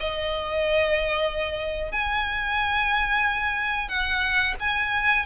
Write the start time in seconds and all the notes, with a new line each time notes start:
0.00 D#5
1.92 G#5
3.89 F#5
4.60 G#5